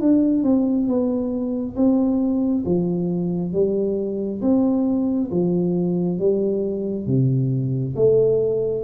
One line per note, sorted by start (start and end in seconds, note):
0.00 0.43 D4
0.43 0.87 C4
0.87 1.76 B3
1.76 2.64 C4
2.65 3.53 F3
3.53 4.41 G3
4.42 5.30 C4
5.31 6.19 F3
6.19 7.06 G3
7.06 7.95 C3
7.96 8.84 A3